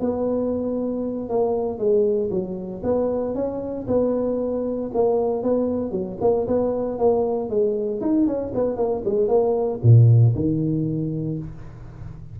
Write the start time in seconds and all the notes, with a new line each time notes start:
0.00 B3
1.29 A#3
1.78 G#3
2.30 F#3
2.83 B3
3.35 C#4
3.87 B3
4.94 A#3
5.43 B3
5.91 F#3
6.21 A#3
6.47 B3
6.98 A#3
7.50 G#3
8.01 D#4
8.27 C#4
8.54 B3
8.76 A#3
9.05 G#3
9.28 A#3
9.83 A#2
10.35 D#3